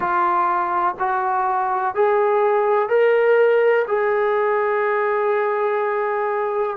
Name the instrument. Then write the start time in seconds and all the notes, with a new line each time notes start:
trombone
0.00 F4
0.99 F#4
1.94 G#4
2.88 A#4
3.87 G#4